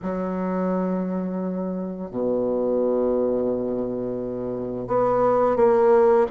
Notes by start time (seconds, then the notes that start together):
0.02 F#3
2.10 B2
4.87 B3
5.56 A#3